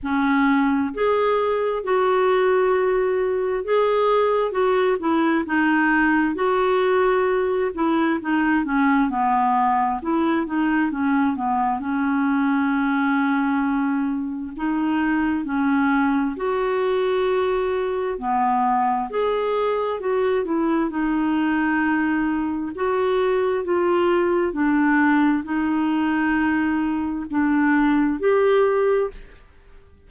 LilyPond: \new Staff \with { instrumentName = "clarinet" } { \time 4/4 \tempo 4 = 66 cis'4 gis'4 fis'2 | gis'4 fis'8 e'8 dis'4 fis'4~ | fis'8 e'8 dis'8 cis'8 b4 e'8 dis'8 | cis'8 b8 cis'2. |
dis'4 cis'4 fis'2 | b4 gis'4 fis'8 e'8 dis'4~ | dis'4 fis'4 f'4 d'4 | dis'2 d'4 g'4 | }